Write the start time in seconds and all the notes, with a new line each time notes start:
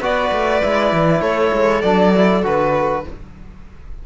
0.00 B3 F#4 B4 D5
0.32 A3
0.62 G#3 E4
0.92 E3
1.21 A3 A4 C#5
1.53 G#3
1.82 F#3 D4 D5
2.15 E4
2.43 D3 F#4 B4